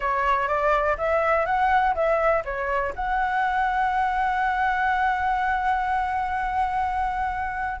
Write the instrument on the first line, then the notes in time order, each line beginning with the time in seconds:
flute
0.00 C#5
0.47 D5
0.97 E5
1.45 F#5
1.94 E5
2.44 C#5
2.95 F#5